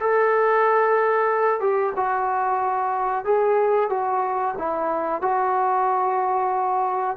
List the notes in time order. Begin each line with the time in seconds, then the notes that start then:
0.00 A4
1.60 G4
1.96 F#4
3.25 G#4
3.89 F#4
4.58 E4
5.21 F#4